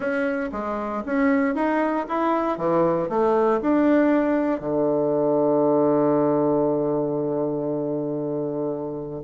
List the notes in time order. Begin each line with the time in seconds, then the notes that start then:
0.00 C#4
0.52 G#3
1.05 C#4
1.55 D#4
2.08 E4
2.57 E3
3.09 A3
3.61 D4
4.60 D3